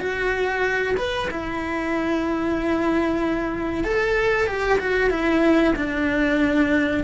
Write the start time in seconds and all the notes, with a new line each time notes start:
0.00 F#4
0.97 B4
1.31 E4
3.84 A4
4.47 G4
4.80 F#4
5.11 E4
5.76 D4